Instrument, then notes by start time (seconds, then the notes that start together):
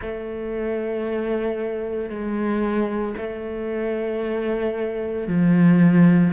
cello
0.01 A3
2.09 G#3
3.17 A3
5.27 F3